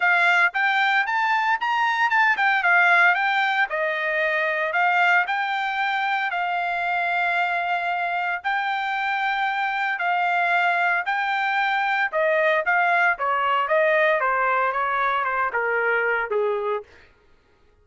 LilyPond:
\new Staff \with { instrumentName = "trumpet" } { \time 4/4 \tempo 4 = 114 f''4 g''4 a''4 ais''4 | a''8 g''8 f''4 g''4 dis''4~ | dis''4 f''4 g''2 | f''1 |
g''2. f''4~ | f''4 g''2 dis''4 | f''4 cis''4 dis''4 c''4 | cis''4 c''8 ais'4. gis'4 | }